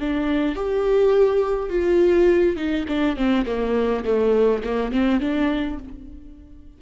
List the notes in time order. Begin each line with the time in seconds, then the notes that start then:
0.00 D4
0.55 G4
1.70 F4
2.56 D#4
2.88 D4
3.16 C4
3.46 A#3
4.05 A3
4.63 A#3
4.92 C4
5.20 D4